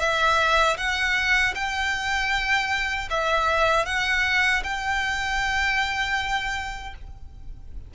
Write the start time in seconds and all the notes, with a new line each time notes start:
0.00 E5
0.77 F#5
1.55 G5
3.10 E5
3.86 F#5
4.64 G5